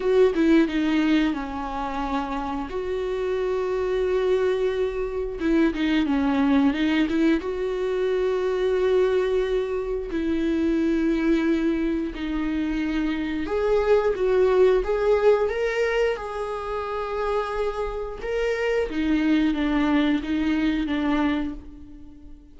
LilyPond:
\new Staff \with { instrumentName = "viola" } { \time 4/4 \tempo 4 = 89 fis'8 e'8 dis'4 cis'2 | fis'1 | e'8 dis'8 cis'4 dis'8 e'8 fis'4~ | fis'2. e'4~ |
e'2 dis'2 | gis'4 fis'4 gis'4 ais'4 | gis'2. ais'4 | dis'4 d'4 dis'4 d'4 | }